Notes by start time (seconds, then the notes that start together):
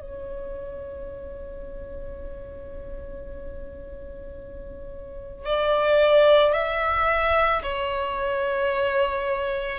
0.00 C#5
5.45 D5
6.53 E5
7.62 C#5